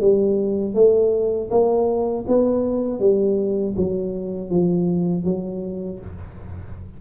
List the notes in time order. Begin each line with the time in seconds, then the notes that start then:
0.00 G3
0.74 A3
1.50 A#3
2.27 B3
2.99 G3
3.76 F#3
4.50 F3
5.24 F#3